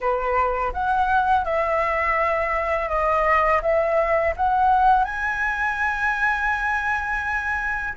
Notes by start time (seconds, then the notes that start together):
0.00 B4
0.73 F#5
1.45 E5
2.88 D#5
3.61 E5
4.36 F#5
5.04 G#5